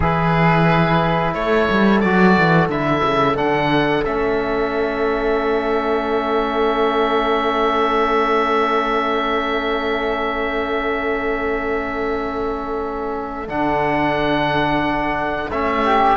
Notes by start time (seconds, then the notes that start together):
0.00 E3 E4 G#4 B4
1.34 A3 A4 C#5
1.69 G3
1.99 F#3 F#4 D5
2.37 E3
2.68 D3 E4 E5
3.04 C#3
3.35 D3 D4 F#5
4.04 A3 C#4 E5
13.48 D3 D4 F#5
15.50 A3 C#4 E5
15.84 G4